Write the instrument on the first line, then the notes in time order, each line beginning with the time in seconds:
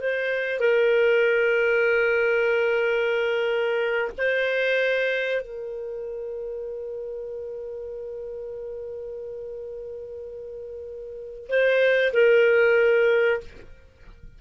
clarinet
0.00 C5
0.60 A#4
4.18 C5
5.41 A#4
11.48 C5
12.13 A#4